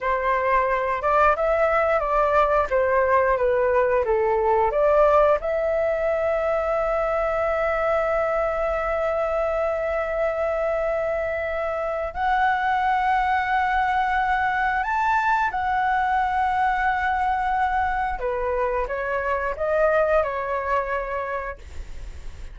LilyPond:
\new Staff \with { instrumentName = "flute" } { \time 4/4 \tempo 4 = 89 c''4. d''8 e''4 d''4 | c''4 b'4 a'4 d''4 | e''1~ | e''1~ |
e''2 fis''2~ | fis''2 a''4 fis''4~ | fis''2. b'4 | cis''4 dis''4 cis''2 | }